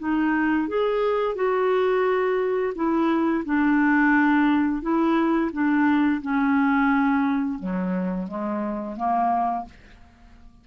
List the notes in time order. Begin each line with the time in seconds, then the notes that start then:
0.00 D#4
0.69 G#4
1.36 F#4
2.76 E4
3.46 D4
4.82 E4
5.53 D4
6.22 C#4
7.60 F#3
8.28 G#3
8.97 A#3